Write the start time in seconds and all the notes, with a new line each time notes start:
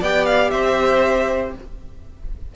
0.00 B3 G4 D5 G5
0.26 F5
0.51 C4 C5 E5